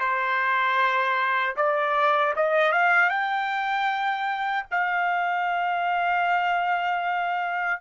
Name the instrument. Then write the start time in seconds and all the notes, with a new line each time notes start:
trumpet
0.00 C5
1.56 D5
2.36 D#5
2.72 F5
3.10 G5
4.71 F5